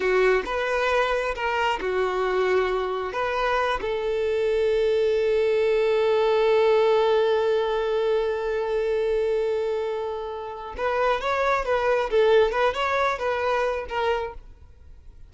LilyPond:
\new Staff \with { instrumentName = "violin" } { \time 4/4 \tempo 4 = 134 fis'4 b'2 ais'4 | fis'2. b'4~ | b'8 a'2.~ a'8~ | a'1~ |
a'1~ | a'1 | b'4 cis''4 b'4 a'4 | b'8 cis''4 b'4. ais'4 | }